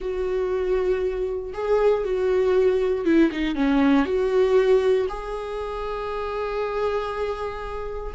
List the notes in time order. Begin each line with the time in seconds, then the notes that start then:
0.00 F#4
1.53 G#4
2.04 F#4
3.05 E4
3.31 D#4
3.55 C#4
4.05 F#4
5.08 G#4